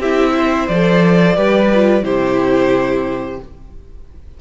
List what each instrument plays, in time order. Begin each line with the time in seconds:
0.00 cello C4, viola E4, violin G4 E5
0.37 violin C5
0.68 cello F3, viola A4, violin D5
1.36 cello G3, viola G4, violin B4
1.75 viola F4
2.03 cello C3, viola E4, violin G4 C5